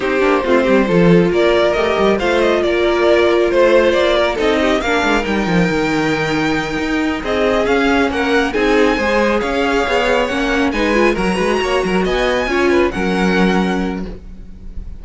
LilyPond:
<<
  \new Staff \with { instrumentName = "violin" } { \time 4/4 \tempo 4 = 137 c''2. d''4 | dis''4 f''8 dis''8 d''2 | c''4 d''4 dis''4 f''4 | g''1~ |
g''8 dis''4 f''4 fis''4 gis''8~ | gis''4. f''2 fis''8~ | fis''8 gis''4 ais''2 gis''8~ | gis''4. fis''2~ fis''8 | }
  \new Staff \with { instrumentName = "violin" } { \time 4/4 g'4 f'8 g'8 a'4 ais'4~ | ais'4 c''4 ais'2 | c''4. ais'8 a'8 g'8 ais'4~ | ais'1~ |
ais'8 gis'2 ais'4 gis'8~ | gis'8 c''4 cis''2~ cis''8~ | cis''8 b'4 ais'8 b'8 cis''8 ais'8 dis''8~ | dis''8 cis''8 b'8 ais'2~ ais'8 | }
  \new Staff \with { instrumentName = "viola" } { \time 4/4 dis'8 d'8 c'4 f'2 | g'4 f'2.~ | f'2 dis'4 d'4 | dis'1~ |
dis'4. cis'2 dis'8~ | dis'8 gis'2. cis'8~ | cis'8 dis'8 f'8 fis'2~ fis'8~ | fis'8 f'4 cis'2~ cis'8 | }
  \new Staff \with { instrumentName = "cello" } { \time 4/4 c'8 ais8 a8 g8 f4 ais4 | a8 g8 a4 ais2 | a4 ais4 c'4 ais8 gis8 | g8 f8 dis2~ dis8 dis'8~ |
dis'8 c'4 cis'4 ais4 c'8~ | c'8 gis4 cis'4 b4 ais8~ | ais8 gis4 fis8 gis8 ais8 fis8 b8~ | b8 cis'4 fis2~ fis8 | }
>>